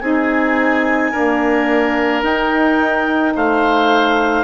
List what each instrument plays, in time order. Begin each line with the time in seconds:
0.00 bassoon C4, saxophone D#4, oboe G#4, clarinet G#5
1.11 saxophone A#3, bassoon D4, oboe A#4
2.23 saxophone D#4, bassoon D#4, clarinet G5
3.35 bassoon A3, oboe C5, clarinet F5